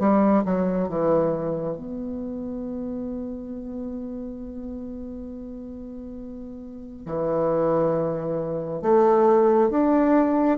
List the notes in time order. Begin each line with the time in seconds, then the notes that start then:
0.00 G3
0.45 F#3
0.89 E3
1.77 B3
7.06 E3
8.82 A3
9.71 D4